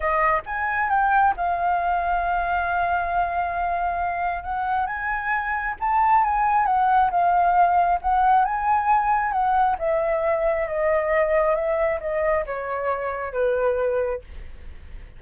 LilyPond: \new Staff \with { instrumentName = "flute" } { \time 4/4 \tempo 4 = 135 dis''4 gis''4 g''4 f''4~ | f''1~ | f''2 fis''4 gis''4~ | gis''4 a''4 gis''4 fis''4 |
f''2 fis''4 gis''4~ | gis''4 fis''4 e''2 | dis''2 e''4 dis''4 | cis''2 b'2 | }